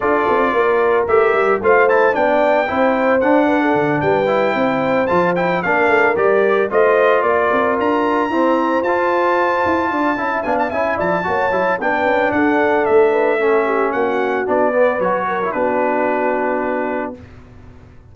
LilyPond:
<<
  \new Staff \with { instrumentName = "trumpet" } { \time 4/4 \tempo 4 = 112 d''2 e''4 f''8 a''8 | g''2 fis''4. g''8~ | g''4. a''8 g''8 f''4 d''8~ | d''8 dis''4 d''4 ais''4.~ |
ais''8 a''2. gis''16 a''16 | gis''8 a''4. g''4 fis''4 | e''2 fis''4 d''4 | cis''4 b'2. | }
  \new Staff \with { instrumentName = "horn" } { \time 4/4 a'4 ais'2 c''4 | d''4 c''4. b'16 a'8. b'8~ | b'8 c''2 ais'4.~ | ais'8 c''4 ais'2 c''8~ |
c''2~ c''8 d''8 e''8 f''8 | e''8 d''8 cis''4 b'4 a'4~ | a'8 b'8 a'8 g'8 fis'4. b'8~ | b'8 ais'8 fis'2. | }
  \new Staff \with { instrumentName = "trombone" } { \time 4/4 f'2 g'4 f'8 e'8 | d'4 e'4 d'2 | e'4. f'8 e'8 d'4 g'8~ | g'8 f'2. c'8~ |
c'8 f'2~ f'8 e'8 d'8 | e'4 fis'8 e'8 d'2~ | d'4 cis'2 d'8 b8 | fis'8. e'16 d'2. | }
  \new Staff \with { instrumentName = "tuba" } { \time 4/4 d'8 c'8 ais4 a8 g8 a4 | b4 c'4 d'4 d8 g8~ | g8 c'4 f4 ais8 a8 g8~ | g8 a4 ais8 c'8 d'4 e'8~ |
e'8 f'4. e'8 d'8 cis'8 b8 | cis'8 f8 ais8 fis8 b8 cis'8 d'4 | a2 ais4 b4 | fis4 b2. | }
>>